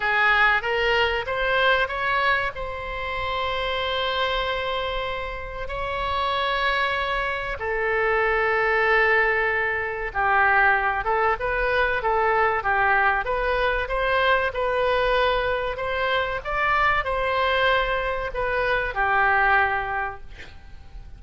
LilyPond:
\new Staff \with { instrumentName = "oboe" } { \time 4/4 \tempo 4 = 95 gis'4 ais'4 c''4 cis''4 | c''1~ | c''4 cis''2. | a'1 |
g'4. a'8 b'4 a'4 | g'4 b'4 c''4 b'4~ | b'4 c''4 d''4 c''4~ | c''4 b'4 g'2 | }